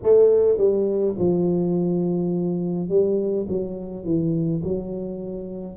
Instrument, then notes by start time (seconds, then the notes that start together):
tuba
0.03 A3
0.57 G3
1.18 F3
2.88 G3
3.48 F#3
4.04 E3
4.63 F#3